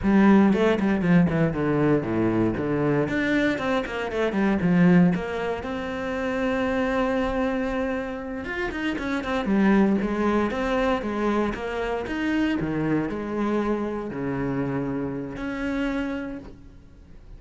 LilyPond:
\new Staff \with { instrumentName = "cello" } { \time 4/4 \tempo 4 = 117 g4 a8 g8 f8 e8 d4 | a,4 d4 d'4 c'8 ais8 | a8 g8 f4 ais4 c'4~ | c'1~ |
c'8 f'8 dis'8 cis'8 c'8 g4 gis8~ | gis8 c'4 gis4 ais4 dis'8~ | dis'8 dis4 gis2 cis8~ | cis2 cis'2 | }